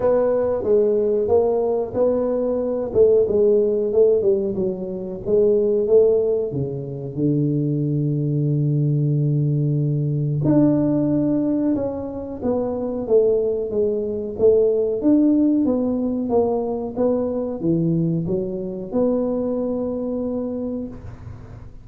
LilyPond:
\new Staff \with { instrumentName = "tuba" } { \time 4/4 \tempo 4 = 92 b4 gis4 ais4 b4~ | b8 a8 gis4 a8 g8 fis4 | gis4 a4 cis4 d4~ | d1 |
d'2 cis'4 b4 | a4 gis4 a4 d'4 | b4 ais4 b4 e4 | fis4 b2. | }